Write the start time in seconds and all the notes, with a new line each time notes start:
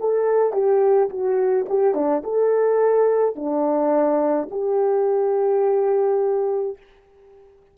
0.00 A4
0.53 G4
1.10 F#4
1.69 G4
1.95 D4
2.24 A4
3.36 D4
4.51 G4